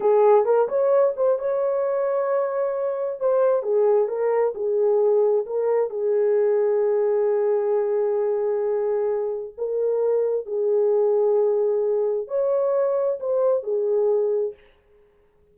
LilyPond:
\new Staff \with { instrumentName = "horn" } { \time 4/4 \tempo 4 = 132 gis'4 ais'8 cis''4 c''8 cis''4~ | cis''2. c''4 | gis'4 ais'4 gis'2 | ais'4 gis'2.~ |
gis'1~ | gis'4 ais'2 gis'4~ | gis'2. cis''4~ | cis''4 c''4 gis'2 | }